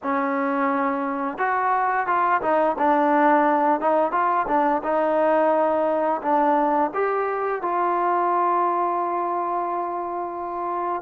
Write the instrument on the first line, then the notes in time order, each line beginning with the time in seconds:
trombone
0.02 C#4
1.38 F#4
2.07 F4
2.41 D#4
2.78 D4
3.80 D#4
4.11 F4
4.47 D4
4.83 D#4
6.21 D4
6.94 G4
7.62 F4